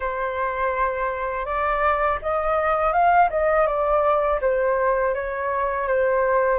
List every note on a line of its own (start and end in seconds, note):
0.00 1.45 C5
1.45 2.18 D5
2.22 2.92 D#5
2.92 3.29 F5
3.30 3.66 D#5
3.66 4.39 D5
4.41 5.14 C5
5.14 5.87 C#5
5.87 6.59 C5